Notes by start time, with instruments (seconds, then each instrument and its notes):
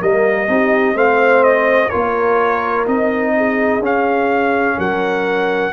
0.00 tuba G3, trombone A#3, horn A#4, trumpet D#5
0.47 tuba C4, trombone D#4, horn G4
0.94 tuba A3, trombone C4, horn C5, trumpet F5
1.43 trumpet D#5
1.89 tuba A#3, trombone F4, horn A#4, trumpet C#5
2.86 tuba C4, trombone D#4, trumpet D#5
3.36 horn G#4
3.79 tuba C#4, trombone C#4, trumpet F5
4.76 tuba F#3, horn A#4, trumpet F#5